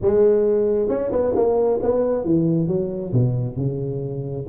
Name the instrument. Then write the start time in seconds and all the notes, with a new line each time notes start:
tuba
0.01 G#3
0.89 C#4
1.11 B3
1.35 A#3
1.82 B3
2.24 E3
2.67 F#3
3.13 B2
3.56 C#3